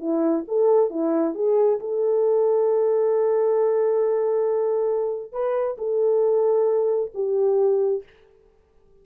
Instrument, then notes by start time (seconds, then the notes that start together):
horn
0.00 E4
0.48 A4
0.91 E4
1.35 G#4
1.80 A4
5.33 B4
5.78 A4
7.15 G4